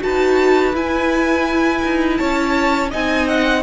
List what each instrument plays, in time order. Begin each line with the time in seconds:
0.00 cello D#4, viola F#4, violin B4 A5
0.74 cello E4, viola E4, violin G#5
1.83 cello D#4
2.17 cello C#4, violin C#5 A5
2.91 cello C4, viola D#4, violin D#5 G#5
3.28 violin F#5